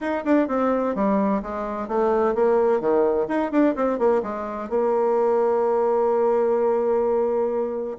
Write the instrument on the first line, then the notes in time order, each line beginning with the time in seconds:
bassoon
0.00 D#4
0.25 D4
0.48 C4
0.95 G3
1.42 G#3
1.88 A3
2.34 A#3
2.80 D#3
3.28 D#4
3.51 D4
3.75 C4
3.98 A#3
4.22 G#3
4.69 A#3